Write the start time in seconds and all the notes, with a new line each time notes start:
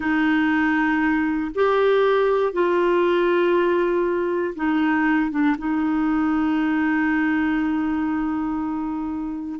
0.00 D#4
1.54 G4
2.52 F4
4.55 D#4
5.30 D4
5.58 D#4